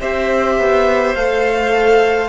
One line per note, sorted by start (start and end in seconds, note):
0.00 0.58 C4
0.00 1.16 G4
0.00 2.29 C5
0.00 1.15 E5
0.58 1.15 B3
1.15 2.29 A3
1.15 2.29 A4
1.15 2.29 F5